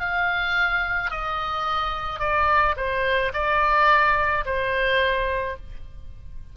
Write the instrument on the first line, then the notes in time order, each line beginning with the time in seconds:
oboe
0.00 F5
1.11 D#5
2.19 D5
2.77 C5
3.33 D5
4.45 C5